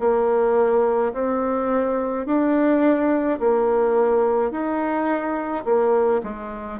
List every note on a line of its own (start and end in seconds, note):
0.00 1.13 A#3
1.14 2.26 C4
2.26 3.39 D4
3.40 4.51 A#3
4.51 5.64 D#4
5.65 6.22 A#3
6.24 6.80 G#3